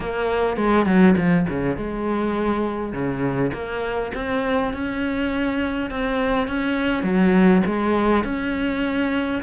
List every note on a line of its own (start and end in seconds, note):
0.00 0.56 A#3
0.56 0.85 G#3
0.85 1.15 F#3
1.16 1.46 F3
1.49 1.76 C#3
1.76 2.93 G#3
2.93 3.51 C#3
3.53 4.11 A#3
4.14 4.73 C4
4.73 5.90 C#4
5.90 6.47 C4
6.47 7.03 C#4
7.03 7.62 F#3
7.66 8.24 G#3
8.24 9.41 C#4